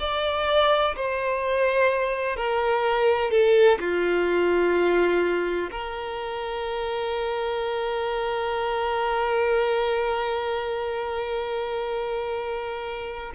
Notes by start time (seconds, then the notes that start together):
0.00 D5
0.96 C5
2.37 A#4
3.31 A4
3.80 F4
5.71 A#4